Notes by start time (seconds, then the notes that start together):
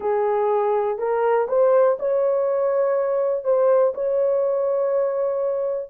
0.00 G#4
0.98 A#4
1.48 C5
1.99 C#5
3.44 C5
3.94 C#5